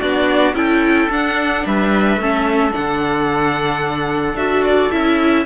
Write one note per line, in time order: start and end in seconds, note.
0.00 0.54 B3
0.00 0.54 D4
0.00 0.55 F#4
0.00 0.55 D5
0.54 1.08 C#4
0.54 1.09 E4
0.54 1.66 A4
0.54 1.10 G5
1.09 1.64 D4
1.09 2.21 D4
1.09 1.66 F#5
1.66 2.17 G3
1.66 2.22 B4
1.66 2.74 E5
2.17 2.71 A3
2.17 2.71 C#4
2.17 5.46 A4
2.71 4.34 D4
2.71 4.36 F#5
2.77 4.34 D3
4.34 4.89 D4
4.34 4.91 F#4
4.34 4.64 E5
4.64 4.91 D5
4.91 5.46 C#4
4.91 5.46 E4
4.91 5.46 E5